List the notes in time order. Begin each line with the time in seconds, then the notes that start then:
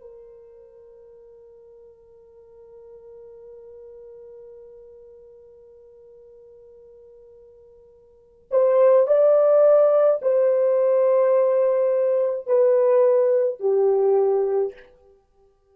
0.00 A#4
8.51 C5
9.07 D5
10.21 C5
12.46 B4
13.60 G4